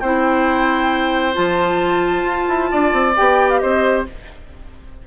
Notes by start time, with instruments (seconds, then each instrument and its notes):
0.00 bassoon C4, clarinet E4, oboe C5, flute G5
1.34 bassoon F3, clarinet F4, flute A5
2.23 bassoon F4
2.49 bassoon E4
2.72 bassoon D4, oboe D5
2.93 bassoon C4
3.17 bassoon B3, clarinet G4, flute G5
3.50 flute F5
3.60 bassoon C4, oboe C5, flute D#5